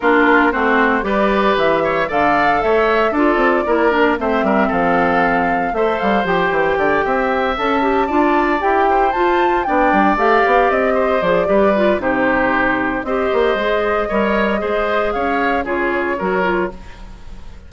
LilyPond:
<<
  \new Staff \with { instrumentName = "flute" } { \time 4/4 \tempo 4 = 115 ais'4 c''4 d''4 e''4 | f''4 e''4 d''2 | e''4 f''2 e''8 f''8 | g''2~ g''8 a''4.~ |
a''8 g''4 a''4 g''4 f''8~ | f''8 dis''4 d''4. c''4~ | c''4 dis''2.~ | dis''4 f''4 cis''2 | }
  \new Staff \with { instrumentName = "oboe" } { \time 4/4 f'4 fis'4 b'4. cis''8 | d''4 cis''4 a'4 ais'4 | c''8 ais'8 a'2 c''4~ | c''4 d''8 e''2 d''8~ |
d''4 c''4. d''4.~ | d''4 c''4 b'4 g'4~ | g'4 c''2 cis''4 | c''4 cis''4 gis'4 ais'4 | }
  \new Staff \with { instrumentName = "clarinet" } { \time 4/4 d'4 c'4 g'2 | a'2 f'4 e'8 d'8 | c'2. a'4 | g'2~ g'8 a'8 g'8 f'8~ |
f'8 g'4 f'4 d'4 g'8~ | g'4. gis'8 g'8 f'8 dis'4~ | dis'4 g'4 gis'4 ais'4 | gis'2 f'4 fis'8 f'8 | }
  \new Staff \with { instrumentName = "bassoon" } { \time 4/4 ais4 a4 g4 e4 | d4 a4 d'8 c'8 ais4 | a8 g8 f2 a8 g8 | f8 e8 d8 c'4 cis'4 d'8~ |
d'8 e'4 f'4 b8 g8 a8 | b8 c'4 f8 g4 c4~ | c4 c'8 ais8 gis4 g4 | gis4 cis'4 cis4 fis4 | }
>>